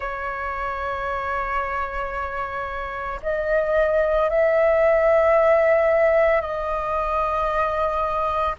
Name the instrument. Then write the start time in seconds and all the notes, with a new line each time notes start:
flute
0.00 C#5
3.22 D#5
4.29 E5
6.40 D#5